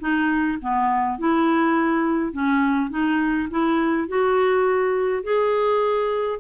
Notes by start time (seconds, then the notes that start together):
0.00 D#4
0.62 B3
1.19 E4
2.33 C#4
2.90 D#4
3.50 E4
4.08 F#4
5.23 G#4